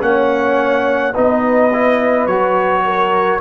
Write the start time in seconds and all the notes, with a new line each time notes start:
0.00 A#3 C#4 C#5 F#5
1.12 B3 D#4 B4 D#5
1.73 E4
2.27 F#3 F#4 C#5
2.85 A#4